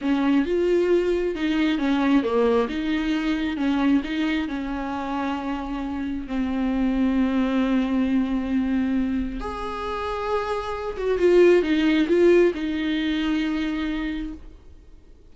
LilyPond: \new Staff \with { instrumentName = "viola" } { \time 4/4 \tempo 4 = 134 cis'4 f'2 dis'4 | cis'4 ais4 dis'2 | cis'4 dis'4 cis'2~ | cis'2 c'2~ |
c'1~ | c'4 gis'2.~ | gis'8 fis'8 f'4 dis'4 f'4 | dis'1 | }